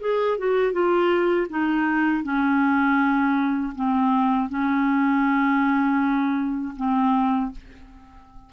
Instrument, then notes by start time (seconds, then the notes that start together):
clarinet
0.00 G#4
0.38 F#4
0.72 F4
1.49 D#4
2.23 C#4
3.75 C4
4.49 C#4
6.76 C4